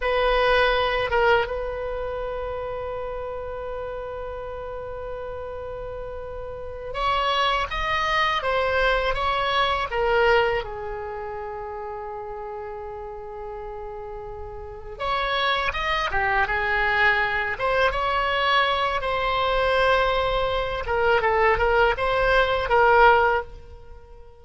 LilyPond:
\new Staff \with { instrumentName = "oboe" } { \time 4/4 \tempo 4 = 82 b'4. ais'8 b'2~ | b'1~ | b'4. cis''4 dis''4 c''8~ | c''8 cis''4 ais'4 gis'4.~ |
gis'1~ | gis'8 cis''4 dis''8 g'8 gis'4. | c''8 cis''4. c''2~ | c''8 ais'8 a'8 ais'8 c''4 ais'4 | }